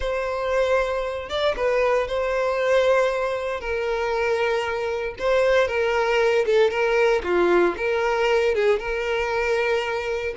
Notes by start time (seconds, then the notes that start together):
0.00 C5
1.29 D5
1.56 B4
2.07 C5
3.60 A#4
5.18 C5
5.67 A#4
6.45 A4
6.70 A#4
7.23 F4
7.77 A#4
8.54 G#4
8.79 A#4